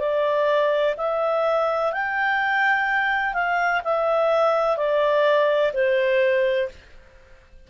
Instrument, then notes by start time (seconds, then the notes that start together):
clarinet
0.00 D5
0.97 E5
1.93 G5
3.34 F5
3.84 E5
4.77 D5
5.74 C5